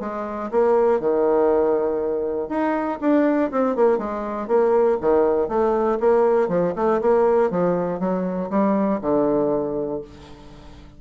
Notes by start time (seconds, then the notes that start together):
0.00 G#3
0.51 A#3
1.00 D#3
2.49 D#4
3.01 D4
3.51 C4
3.76 A#3
3.98 G#3
4.48 A#3
5.01 D#3
5.48 A3
6.00 A#3
6.49 F3
6.76 A3
7.01 A#3
7.50 F3
8.00 F#3
8.50 G3
9.01 D3